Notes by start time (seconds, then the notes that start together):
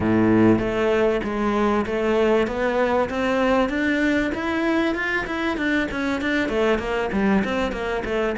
0.00 A2
0.58 A3
1.23 G#3
1.86 A3
2.47 B3
3.09 C4
3.69 D4
4.34 E4
4.94 F4
5.26 E4
5.57 D4
5.91 C#4
6.21 D4
6.49 A3
6.78 A#3
7.12 G3
7.44 C4
7.72 A#3
8.04 A3